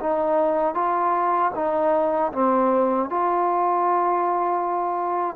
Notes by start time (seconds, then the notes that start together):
0.00 D#4
0.74 F4
1.55 D#4
2.32 C4
3.09 F4